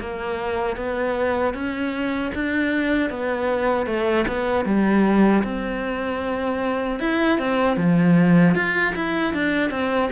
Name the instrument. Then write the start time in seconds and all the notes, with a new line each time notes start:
cello
0.00 A#3
0.77 B3
1.54 C#4
2.34 D4
3.10 B3
3.86 A3
4.28 B3
4.65 G3
5.44 C4
7.00 E4
7.39 C4
7.77 F3
8.55 F4
8.95 E4
9.34 D4
9.70 C4